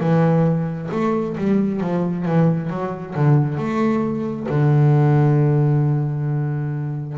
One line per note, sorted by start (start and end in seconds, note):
0.00 0.90 E3
0.91 1.36 A3
1.38 1.80 G3
1.80 2.25 F3
2.26 2.70 E3
2.70 3.15 F#3
3.15 3.57 D3
3.57 4.47 A3
4.49 7.18 D3